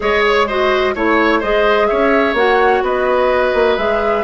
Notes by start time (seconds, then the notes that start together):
0.00 G#3 G#4 C#5 D#5
0.25 C#5
0.47 F#4 C5 D#5
0.94 A3 E4 C#5
1.39 G#3 G#4 C5 D#5
1.87 C#4 C#5 E5
2.33 A#3 F#4 F#5
2.82 B3 B4 D#5
3.53 A#3
3.77 G#3 G#4 E5